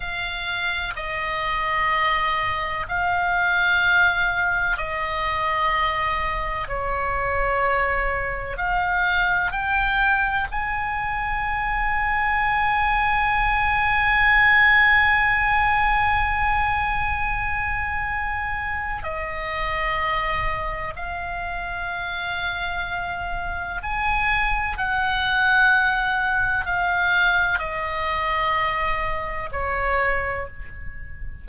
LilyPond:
\new Staff \with { instrumentName = "oboe" } { \time 4/4 \tempo 4 = 63 f''4 dis''2 f''4~ | f''4 dis''2 cis''4~ | cis''4 f''4 g''4 gis''4~ | gis''1~ |
gis''1 | dis''2 f''2~ | f''4 gis''4 fis''2 | f''4 dis''2 cis''4 | }